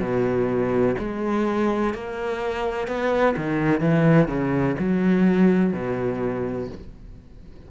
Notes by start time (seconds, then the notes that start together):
0.00 B2
0.99 G#3
1.94 A#3
2.87 B3
3.37 D#3
3.81 E3
4.28 C#3
4.79 F#3
5.73 B2